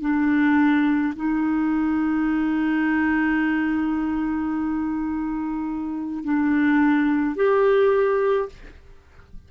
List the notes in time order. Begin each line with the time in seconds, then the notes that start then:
0.00 D4
1.15 D#4
6.24 D4
7.35 G4